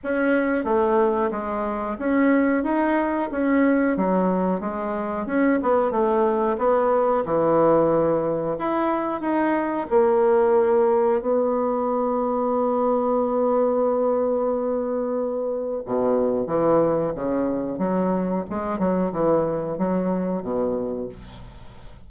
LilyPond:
\new Staff \with { instrumentName = "bassoon" } { \time 4/4 \tempo 4 = 91 cis'4 a4 gis4 cis'4 | dis'4 cis'4 fis4 gis4 | cis'8 b8 a4 b4 e4~ | e4 e'4 dis'4 ais4~ |
ais4 b2.~ | b1 | b,4 e4 cis4 fis4 | gis8 fis8 e4 fis4 b,4 | }